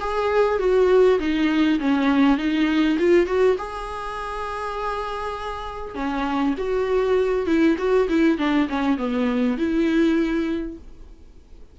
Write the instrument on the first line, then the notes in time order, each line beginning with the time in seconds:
viola
0.00 G#4
0.59 F#4
1.19 D#4
1.80 C#4
2.38 D#4
2.99 F4
3.26 F#4
3.58 G#4
5.95 C#4
6.57 F#4
7.46 E4
7.78 F#4
8.09 E4
8.38 D4
8.69 C#4
8.98 B3
9.58 E4